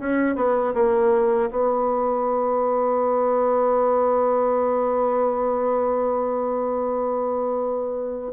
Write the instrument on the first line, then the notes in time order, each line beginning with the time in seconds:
bassoon
0.00 C#4
0.36 B3
0.74 A#3
1.51 B3